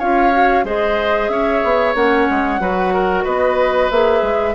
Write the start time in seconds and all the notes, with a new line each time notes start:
0.00 C#4 F4 C#5 F5
0.32 F#4
0.64 G#3 G#4 C5 D#5
1.29 C#4 C#5 E5
1.64 B3
1.95 A#3 C#4 F#5
2.30 G#3
2.60 F#3 F#4 B4
2.94 A#4
3.24 B3 B4 D#5
3.91 A#3 G#4 E5
4.22 G#3